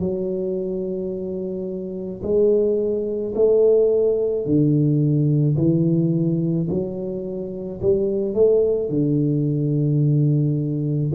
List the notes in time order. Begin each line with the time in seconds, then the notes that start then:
0.00 F#3
2.23 G#3
3.35 A3
4.46 D3
5.58 E3
6.70 F#3
7.82 G3
8.35 A3
8.90 D3